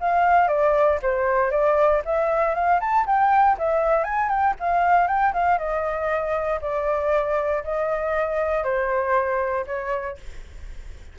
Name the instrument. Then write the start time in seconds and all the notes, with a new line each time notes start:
flute
0.00 F5
0.48 D5
1.02 C5
1.51 D5
2.05 E5
2.54 F5
2.80 A5
3.06 G5
3.58 E5
4.04 G#5
4.29 G5
4.59 F5
5.07 G5
5.33 F5
5.58 D#5
6.61 D5
7.64 D#5
8.63 C5
9.66 C#5